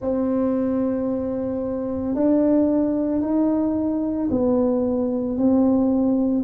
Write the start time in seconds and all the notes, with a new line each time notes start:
0.01 C4
2.14 D4
3.21 D#4
4.30 B3
5.37 C4